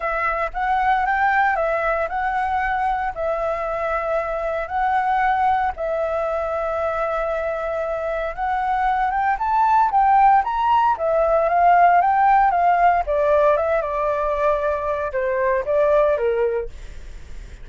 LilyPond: \new Staff \with { instrumentName = "flute" } { \time 4/4 \tempo 4 = 115 e''4 fis''4 g''4 e''4 | fis''2 e''2~ | e''4 fis''2 e''4~ | e''1 |
fis''4. g''8 a''4 g''4 | ais''4 e''4 f''4 g''4 | f''4 d''4 e''8 d''4.~ | d''4 c''4 d''4 ais'4 | }